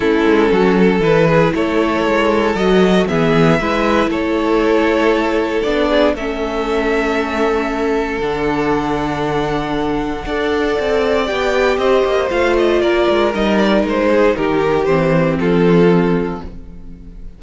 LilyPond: <<
  \new Staff \with { instrumentName = "violin" } { \time 4/4 \tempo 4 = 117 a'2 b'4 cis''4~ | cis''4 dis''4 e''2 | cis''2. d''4 | e''1 |
fis''1~ | fis''2 g''4 dis''4 | f''8 dis''8 d''4 dis''8 d''8 c''4 | ais'4 c''4 a'2 | }
  \new Staff \with { instrumentName = "violin" } { \time 4/4 e'4 fis'8 a'4 gis'8 a'4~ | a'2 gis'4 b'4 | a'2.~ a'8 gis'8 | a'1~ |
a'1 | d''2. c''4~ | c''4 ais'2~ ais'8 gis'8 | g'2 f'2 | }
  \new Staff \with { instrumentName = "viola" } { \time 4/4 cis'2 e'2~ | e'4 fis'4 b4 e'4~ | e'2. d'4 | cis'1 |
d'1 | a'2 g'2 | f'2 dis'2~ | dis'4 c'2. | }
  \new Staff \with { instrumentName = "cello" } { \time 4/4 a8 gis8 fis4 e4 a4 | gis4 fis4 e4 gis4 | a2. b4 | a1 |
d1 | d'4 c'4 b4 c'8 ais8 | a4 ais8 gis8 g4 gis4 | dis4 e4 f2 | }
>>